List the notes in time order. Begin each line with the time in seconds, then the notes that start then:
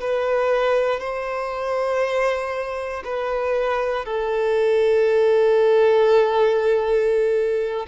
0.00 B4
1.00 C5
3.05 B4
4.05 A4